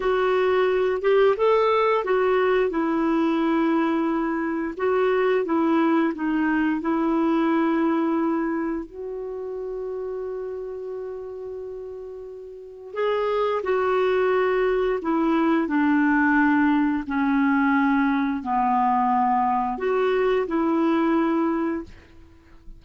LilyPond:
\new Staff \with { instrumentName = "clarinet" } { \time 4/4 \tempo 4 = 88 fis'4. g'8 a'4 fis'4 | e'2. fis'4 | e'4 dis'4 e'2~ | e'4 fis'2.~ |
fis'2. gis'4 | fis'2 e'4 d'4~ | d'4 cis'2 b4~ | b4 fis'4 e'2 | }